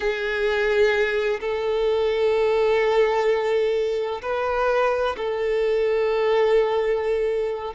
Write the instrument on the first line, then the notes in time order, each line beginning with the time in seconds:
violin
0.00 G#4
1.40 A4
4.22 B4
5.16 A4